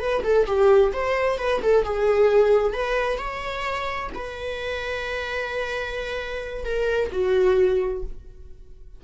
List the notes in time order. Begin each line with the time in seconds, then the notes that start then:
0.00 B4
0.24 A4
0.46 G4
0.93 C5
1.38 B4
1.62 A4
1.84 G#4
2.73 B4
3.18 C#5
4.15 B4
6.65 A#4
7.11 F#4